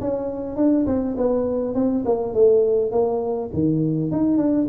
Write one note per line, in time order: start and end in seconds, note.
0.00 0.56 C#4
0.56 0.86 D4
0.86 1.16 C4
1.17 1.75 B3
1.75 2.04 C4
2.05 2.34 A#3
2.34 2.91 A3
2.91 3.50 A#3
3.53 4.11 D#3
4.11 4.37 D#4
4.37 4.67 D4